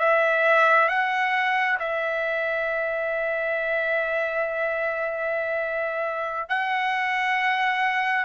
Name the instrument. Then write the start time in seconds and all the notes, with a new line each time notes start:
trumpet
0.00 E5
0.89 F#5
1.80 E5
6.50 F#5